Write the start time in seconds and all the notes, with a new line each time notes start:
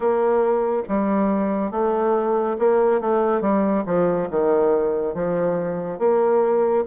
0.00 A#3
0.88 G3
1.71 A3
2.58 A#3
3.00 A3
3.41 G3
3.86 F3
4.30 D#3
5.14 F3
5.98 A#3